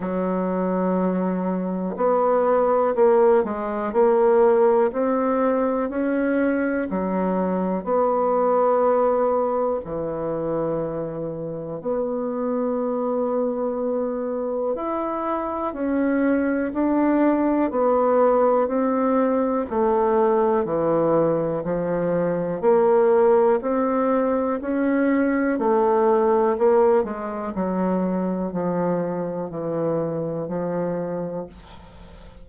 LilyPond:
\new Staff \with { instrumentName = "bassoon" } { \time 4/4 \tempo 4 = 61 fis2 b4 ais8 gis8 | ais4 c'4 cis'4 fis4 | b2 e2 | b2. e'4 |
cis'4 d'4 b4 c'4 | a4 e4 f4 ais4 | c'4 cis'4 a4 ais8 gis8 | fis4 f4 e4 f4 | }